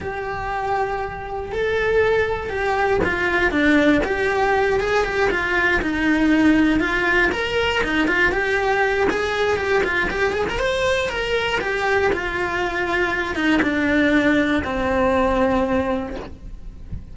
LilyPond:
\new Staff \with { instrumentName = "cello" } { \time 4/4 \tempo 4 = 119 g'2. a'4~ | a'4 g'4 f'4 d'4 | g'4. gis'8 g'8 f'4 dis'8~ | dis'4. f'4 ais'4 dis'8 |
f'8 g'4. gis'4 g'8 f'8 | g'8 gis'16 ais'16 c''4 ais'4 g'4 | f'2~ f'8 dis'8 d'4~ | d'4 c'2. | }